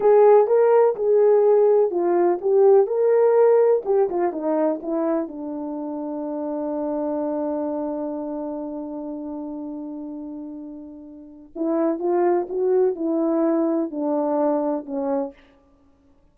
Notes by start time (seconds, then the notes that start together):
0.00 G#4
0.47 A#4
0.95 G#4
1.90 F4
2.41 G4
2.86 A#4
3.85 G4
4.09 F4
4.32 D#4
4.82 E4
5.28 D4
11.55 E4
11.99 F4
12.49 F#4
12.95 E4
13.90 D4
14.85 C#4